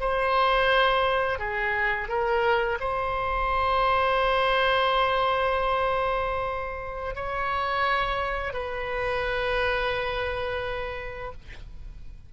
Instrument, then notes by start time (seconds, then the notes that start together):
oboe
0.00 C5
1.39 G#4
2.08 A#4
2.80 C5
7.15 C#5
8.53 B4